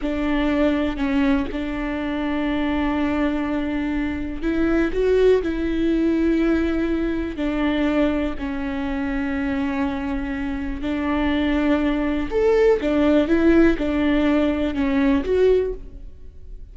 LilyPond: \new Staff \with { instrumentName = "viola" } { \time 4/4 \tempo 4 = 122 d'2 cis'4 d'4~ | d'1~ | d'4 e'4 fis'4 e'4~ | e'2. d'4~ |
d'4 cis'2.~ | cis'2 d'2~ | d'4 a'4 d'4 e'4 | d'2 cis'4 fis'4 | }